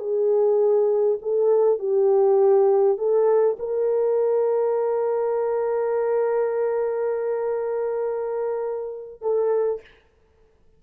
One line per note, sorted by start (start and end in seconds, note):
0.00 1.19 G#4
1.23 1.80 A4
1.80 2.98 G4
2.98 3.58 A4
3.59 9.22 A#4
9.22 9.81 A4